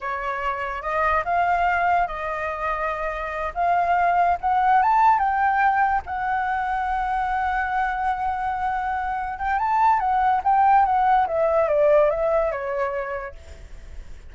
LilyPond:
\new Staff \with { instrumentName = "flute" } { \time 4/4 \tempo 4 = 144 cis''2 dis''4 f''4~ | f''4 dis''2.~ | dis''8 f''2 fis''4 a''8~ | a''8 g''2 fis''4.~ |
fis''1~ | fis''2~ fis''8 g''8 a''4 | fis''4 g''4 fis''4 e''4 | d''4 e''4 cis''2 | }